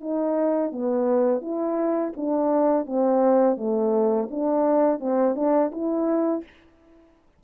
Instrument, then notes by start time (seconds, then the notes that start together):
horn
0.00 D#4
0.71 B3
1.41 E4
2.17 D4
2.86 C4
3.57 A3
4.31 D4
4.99 C4
5.35 D4
5.71 E4